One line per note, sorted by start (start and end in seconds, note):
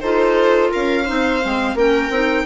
0.00 0.72 D#4
0.00 1.05 F4
0.00 0.71 A4
0.00 0.70 C5
0.71 1.09 C#4
0.71 1.05 A#4
0.71 1.77 F5
1.05 1.44 C4
1.05 1.40 D#4
1.05 1.75 C5
1.41 1.74 G#3
1.41 1.76 C4
1.74 2.09 A#3
1.74 2.11 C#4
1.74 2.45 A#4
1.74 2.46 G5
2.09 2.44 C4
2.09 2.46 D#4